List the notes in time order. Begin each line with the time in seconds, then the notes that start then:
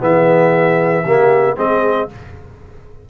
0.00 E3 B3 G#4 E5
1.04 C#3 A#3 G4
1.57 G#3 C4 G#4 D#5